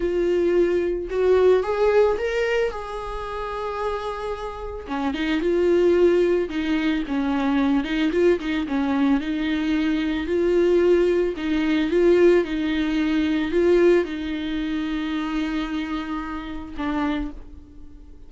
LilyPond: \new Staff \with { instrumentName = "viola" } { \time 4/4 \tempo 4 = 111 f'2 fis'4 gis'4 | ais'4 gis'2.~ | gis'4 cis'8 dis'8 f'2 | dis'4 cis'4. dis'8 f'8 dis'8 |
cis'4 dis'2 f'4~ | f'4 dis'4 f'4 dis'4~ | dis'4 f'4 dis'2~ | dis'2. d'4 | }